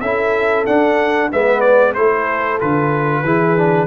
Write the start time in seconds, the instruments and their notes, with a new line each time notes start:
0.00 tuba C#4, trombone E4, horn A4, trumpet E5
0.66 trombone D4, tuba D4, trumpet F#5
1.31 tuba G#3, trombone B3, horn B4, trumpet E5
1.60 trumpet D5
1.94 tuba A3, trombone E4, horn A4, trumpet C5
2.59 tuba D3, trombone F4, trumpet B4
3.23 tuba E3, trombone E4, horn G#4
3.57 trombone D4